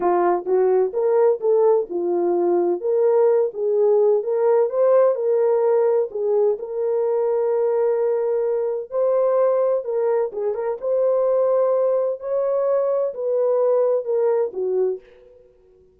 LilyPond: \new Staff \with { instrumentName = "horn" } { \time 4/4 \tempo 4 = 128 f'4 fis'4 ais'4 a'4 | f'2 ais'4. gis'8~ | gis'4 ais'4 c''4 ais'4~ | ais'4 gis'4 ais'2~ |
ais'2. c''4~ | c''4 ais'4 gis'8 ais'8 c''4~ | c''2 cis''2 | b'2 ais'4 fis'4 | }